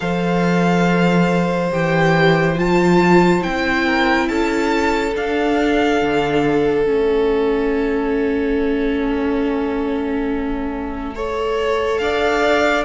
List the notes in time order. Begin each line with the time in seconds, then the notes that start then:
0.00 F3 A4 C5 F5
1.71 E3 G4 G5
2.56 F3 F4 A5
3.41 C4 E4 G5
3.85 A#4
4.28 C#4 A4 A5
5.15 D4 F5
6.01 D3
6.85 A3 C#4 E5
11.15 A4 C#5
11.97 D4 D5 F5